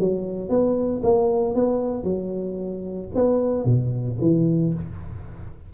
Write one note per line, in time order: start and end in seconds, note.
0.00 0.50 F#3
0.50 1.02 B3
1.04 1.55 A#3
1.55 2.04 B3
2.04 3.09 F#3
3.15 3.65 B3
3.65 4.18 B2
4.21 4.74 E3